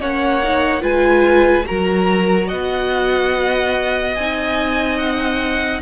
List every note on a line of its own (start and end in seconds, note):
0.00 0.82 A#3
0.00 0.42 C#4
0.00 0.81 C#5
0.00 0.83 F#5
0.43 0.80 D#4
0.80 1.65 G#3
0.80 1.64 F4
0.80 1.65 B4
0.80 1.66 G#5
1.65 2.52 F#3
1.65 4.15 F#4
1.65 2.47 A#4
1.65 2.48 A#5
2.47 4.17 B3
2.47 5.80 D#5
2.47 4.15 F#5
4.15 5.81 C4
4.15 5.81 D#4
4.15 4.97 G#5
4.97 5.80 F#5